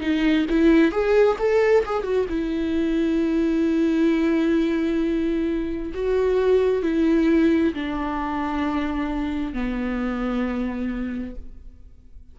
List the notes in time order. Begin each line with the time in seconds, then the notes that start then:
0.00 D#4
0.50 E4
0.91 G#4
1.38 A4
1.85 G#4
2.03 F#4
2.29 E4
5.94 F#4
6.82 E4
7.74 D4
9.53 B3